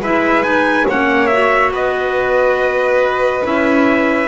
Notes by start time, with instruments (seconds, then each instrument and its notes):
0.00 double bass G#3, clarinet E4, violin B4, trumpet E5
0.43 clarinet D#4, trumpet G#5
0.87 double bass A#3, clarinet C#4, violin C#5, trumpet F#5
1.27 clarinet F#4, trumpet E5
1.71 double bass B3, violin B4, trumpet D#5
3.44 double bass C#4, clarinet E4, trumpet E5